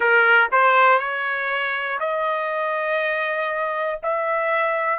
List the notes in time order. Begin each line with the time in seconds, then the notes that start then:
0.00 A#4
0.51 C5
0.98 C#5
2.00 D#5
4.02 E5